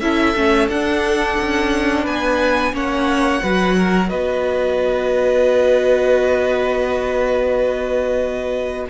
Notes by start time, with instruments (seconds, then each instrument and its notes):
0.00 cello C#4, viola E4, violin A4 E5
0.35 cello A3, viola C#4
0.68 cello D4, viola D4, violin F#5
1.40 cello C#4
2.03 cello B3, violin B4 G#5
2.73 cello A#3, viola C#4, violin C#5 F#5
3.42 cello F#3, viola F#4, violin B4
3.77 violin A#4
4.09 cello B3, violin B4 D#5